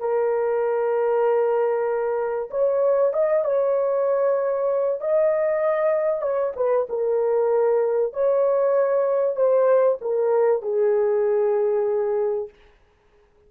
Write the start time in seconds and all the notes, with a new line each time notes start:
0.00 A#4
2.51 C#5
3.13 D#5
3.45 C#5
5.01 D#5
6.22 C#5
6.57 B4
6.90 A#4
8.14 C#5
9.36 C5
10.02 A#4
10.62 G#4